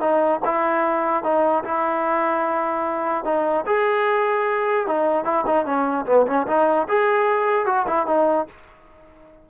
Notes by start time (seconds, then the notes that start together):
0.00 D#4
0.45 E4
1.23 D#4
1.64 E4
3.25 D#4
3.66 G#4
4.87 D#4
5.25 E4
5.46 D#4
5.65 C#4
6.06 B3
6.26 C#4
6.47 D#4
6.88 G#4
7.66 F#4
7.87 E4
8.06 D#4